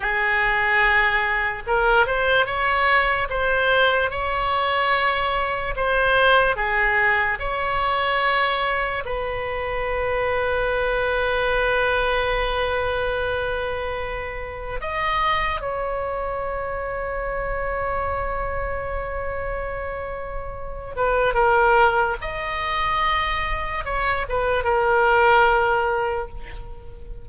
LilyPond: \new Staff \with { instrumentName = "oboe" } { \time 4/4 \tempo 4 = 73 gis'2 ais'8 c''8 cis''4 | c''4 cis''2 c''4 | gis'4 cis''2 b'4~ | b'1~ |
b'2 dis''4 cis''4~ | cis''1~ | cis''4. b'8 ais'4 dis''4~ | dis''4 cis''8 b'8 ais'2 | }